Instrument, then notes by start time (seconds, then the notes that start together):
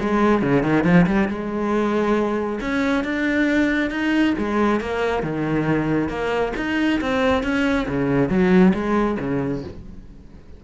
cello
0.00 G#3
0.42 C#3
0.63 D#3
0.84 F3
1.07 G3
1.28 G#3
2.61 C#4
3.04 D4
3.90 D#4
4.38 G#3
4.80 A#3
5.23 D#3
6.09 A#3
6.57 D#4
7.01 C4
7.43 C#4
7.88 C#3
8.29 F#3
8.74 G#3
9.20 C#3